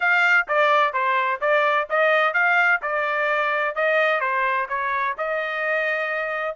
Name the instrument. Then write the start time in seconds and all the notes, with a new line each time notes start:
trumpet
0.00 F5
0.48 D5
0.93 C5
1.41 D5
1.89 D#5
2.33 F5
2.81 D5
3.75 D#5
4.20 C5
4.69 C#5
5.17 D#5